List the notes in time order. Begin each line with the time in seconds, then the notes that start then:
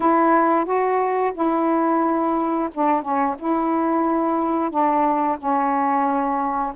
0.00 E4
0.65 F#4
1.34 E4
2.74 D4
3.02 C#4
3.39 E4
4.70 D4
5.38 C#4